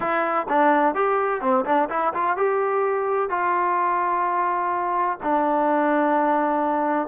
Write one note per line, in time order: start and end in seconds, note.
0.00 0.47 E4
0.49 0.94 D4
0.94 1.41 G4
1.41 1.64 C4
1.65 1.89 D4
1.89 2.13 E4
2.14 2.36 F4
2.36 3.29 G4
3.29 5.18 F4
5.22 7.08 D4